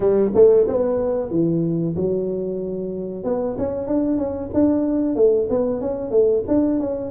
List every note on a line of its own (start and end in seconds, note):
0.00 0.31 G3
0.34 0.67 A3
0.67 1.30 B3
1.30 1.95 E3
1.96 3.24 F#3
3.24 3.56 B3
3.58 3.87 C#4
3.87 4.17 D4
4.17 4.49 C#4
4.53 5.15 D4
5.15 5.48 A3
5.49 5.81 B3
5.81 6.10 C#4
6.10 6.43 A3
6.47 6.79 D4
6.79 7.11 C#4